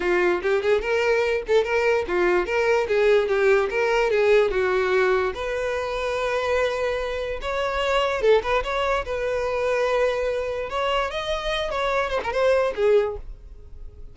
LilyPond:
\new Staff \with { instrumentName = "violin" } { \time 4/4 \tempo 4 = 146 f'4 g'8 gis'8 ais'4. a'8 | ais'4 f'4 ais'4 gis'4 | g'4 ais'4 gis'4 fis'4~ | fis'4 b'2.~ |
b'2 cis''2 | a'8 b'8 cis''4 b'2~ | b'2 cis''4 dis''4~ | dis''8 cis''4 c''16 ais'16 c''4 gis'4 | }